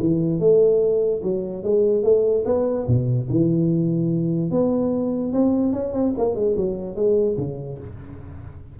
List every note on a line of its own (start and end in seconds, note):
0.00 0.40 E3
0.40 1.22 A3
1.23 1.63 F#3
1.63 2.03 G#3
2.03 2.45 A3
2.45 2.87 B3
2.87 3.28 B2
3.30 4.51 E3
4.51 5.33 B3
5.33 5.73 C4
5.73 5.93 C#4
5.93 6.14 C4
6.18 6.36 A#3
6.36 6.56 G#3
6.57 6.96 F#3
6.96 7.37 G#3
7.38 7.79 C#3